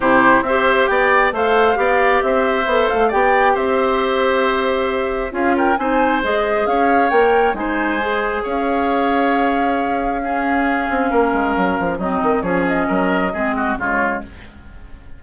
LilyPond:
<<
  \new Staff \with { instrumentName = "flute" } { \time 4/4 \tempo 4 = 135 c''4 e''4 g''4 f''4~ | f''4 e''4. f''8 g''4 | e''1 | f''8 g''8 gis''4 dis''4 f''4 |
g''4 gis''2 f''4~ | f''1~ | f''2. dis''4 | cis''8 dis''2~ dis''8 cis''4 | }
  \new Staff \with { instrumentName = "oboe" } { \time 4/4 g'4 c''4 d''4 c''4 | d''4 c''2 d''4 | c''1 | gis'8 ais'8 c''2 cis''4~ |
cis''4 c''2 cis''4~ | cis''2. gis'4~ | gis'4 ais'2 dis'4 | gis'4 ais'4 gis'8 fis'8 f'4 | }
  \new Staff \with { instrumentName = "clarinet" } { \time 4/4 e'4 g'2 a'4 | g'2 a'4 g'4~ | g'1 | f'4 dis'4 gis'2 |
ais'4 dis'4 gis'2~ | gis'2. cis'4~ | cis'2. c'4 | cis'2 c'4 gis4 | }
  \new Staff \with { instrumentName = "bassoon" } { \time 4/4 c4 c'4 b4 a4 | b4 c'4 b8 a8 b4 | c'1 | cis'4 c'4 gis4 cis'4 |
ais4 gis2 cis'4~ | cis'1~ | cis'8 c'8 ais8 gis8 fis8 f8 fis8 dis8 | f4 fis4 gis4 cis4 | }
>>